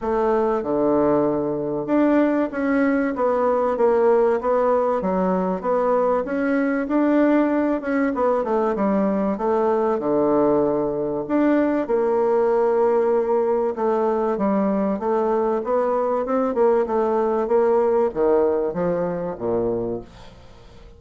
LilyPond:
\new Staff \with { instrumentName = "bassoon" } { \time 4/4 \tempo 4 = 96 a4 d2 d'4 | cis'4 b4 ais4 b4 | fis4 b4 cis'4 d'4~ | d'8 cis'8 b8 a8 g4 a4 |
d2 d'4 ais4~ | ais2 a4 g4 | a4 b4 c'8 ais8 a4 | ais4 dis4 f4 ais,4 | }